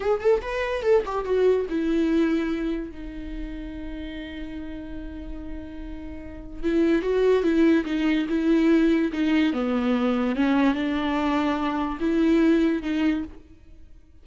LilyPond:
\new Staff \with { instrumentName = "viola" } { \time 4/4 \tempo 4 = 145 gis'8 a'8 b'4 a'8 g'8 fis'4 | e'2. dis'4~ | dis'1~ | dis'1 |
e'4 fis'4 e'4 dis'4 | e'2 dis'4 b4~ | b4 cis'4 d'2~ | d'4 e'2 dis'4 | }